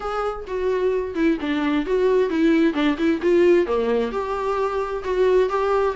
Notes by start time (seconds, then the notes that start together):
0.00 G#4
0.47 F#4
1.15 E4
1.40 D4
1.86 F#4
2.29 E4
2.73 D4
2.97 E4
3.22 F4
3.66 A#3
4.11 G4
5.03 F#4
5.49 G4